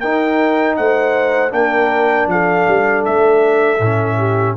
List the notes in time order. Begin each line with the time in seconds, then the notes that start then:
0.00 D#4 A#4 G5
0.77 A3 C5 F#5
1.50 A#3 D4 A#4 G5
2.27 F3 A4 F5
2.68 G3
3.05 A3 E5
3.79 A2 C#4
4.18 G4